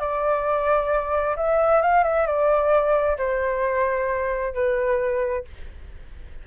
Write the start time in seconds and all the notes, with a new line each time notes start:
0.00 D5
1.37 E5
1.82 F5
2.04 E5
2.27 D5
3.18 C5
4.54 B4